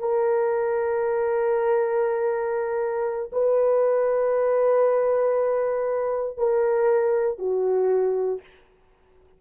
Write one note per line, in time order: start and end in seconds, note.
0.00 3.31 A#4
3.32 6.37 B4
6.38 7.39 A#4
7.39 8.41 F#4